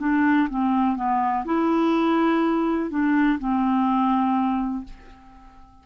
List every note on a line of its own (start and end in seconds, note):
0.00 0.48 D4
0.50 0.96 C4
0.96 1.45 B3
1.45 2.90 E4
2.90 3.39 D4
3.39 4.84 C4